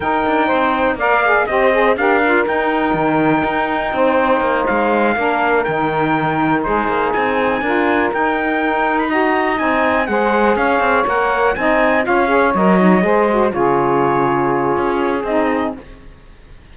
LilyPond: <<
  \new Staff \with { instrumentName = "trumpet" } { \time 4/4 \tempo 4 = 122 g''2 f''4 dis''4 | f''4 g''2.~ | g''4. f''2 g''8~ | g''4. c''4 gis''4.~ |
gis''8 g''4.~ g''16 b''16 ais''4 gis''8~ | gis''8 fis''4 f''4 fis''4 gis''8~ | gis''8 f''4 dis''2 cis''8~ | cis''2. dis''4 | }
  \new Staff \with { instrumentName = "saxophone" } { \time 4/4 ais'4 c''4 d''4 c''4 | ais'1 | c''2~ c''8 ais'4.~ | ais'4. gis'2 ais'8~ |
ais'2~ ais'8 dis''4.~ | dis''8 c''4 cis''2 dis''8~ | dis''8 cis''2 c''4 gis'8~ | gis'1 | }
  \new Staff \with { instrumentName = "saxophone" } { \time 4/4 dis'2 ais'8 gis'8 g'8 gis'8 | g'8 f'8 dis'2.~ | dis'2~ dis'8 d'4 dis'8~ | dis'2.~ dis'8 f'8~ |
f'8 dis'2 fis'4 dis'8~ | dis'8 gis'2 ais'4 dis'8~ | dis'8 f'8 gis'8 ais'8 dis'8 gis'8 fis'8 f'8~ | f'2. dis'4 | }
  \new Staff \with { instrumentName = "cello" } { \time 4/4 dis'8 d'8 c'4 ais4 c'4 | d'4 dis'4 dis4 dis'4 | c'4 ais8 gis4 ais4 dis8~ | dis4. gis8 ais8 c'4 d'8~ |
d'8 dis'2. c'8~ | c'8 gis4 cis'8 c'8 ais4 c'8~ | c'8 cis'4 fis4 gis4 cis8~ | cis2 cis'4 c'4 | }
>>